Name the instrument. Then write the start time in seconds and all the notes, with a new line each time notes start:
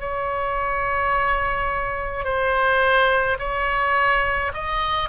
oboe
0.00 C#5
2.25 C5
3.39 C#5
4.54 D#5